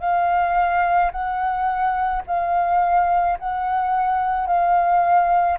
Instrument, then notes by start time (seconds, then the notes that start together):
flute
0.00 F5
1.12 F#5
2.27 F5
3.39 F#5
4.47 F5